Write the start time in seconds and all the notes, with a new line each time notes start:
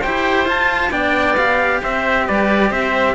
0.00 E4 G4 C5 G5
0.45 F4 A5
0.90 B3 D4 D5 G5
1.37 G4 F5
1.82 C4 C5 E5
2.27 G3 B4 D5
2.69 C4 C5 E5